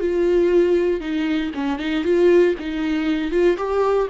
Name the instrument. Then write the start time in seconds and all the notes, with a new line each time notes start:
viola
0.00 F4
1.01 D#4
1.55 C#4
1.79 D#4
2.04 F4
2.60 D#4
3.32 F4
3.58 G4